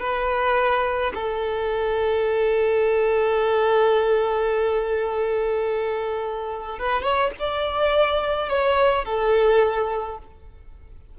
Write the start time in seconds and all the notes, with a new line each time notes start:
0.00 B4
1.15 A4
6.79 B4
7.03 C#5
7.39 D5
8.50 C#5
9.05 A4